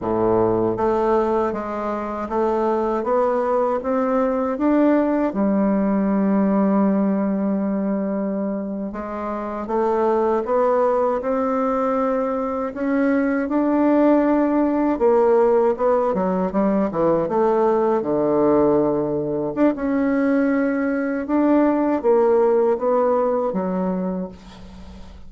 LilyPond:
\new Staff \with { instrumentName = "bassoon" } { \time 4/4 \tempo 4 = 79 a,4 a4 gis4 a4 | b4 c'4 d'4 g4~ | g2.~ g8. gis16~ | gis8. a4 b4 c'4~ c'16~ |
c'8. cis'4 d'2 ais16~ | ais8. b8 fis8 g8 e8 a4 d16~ | d4.~ d16 d'16 cis'2 | d'4 ais4 b4 fis4 | }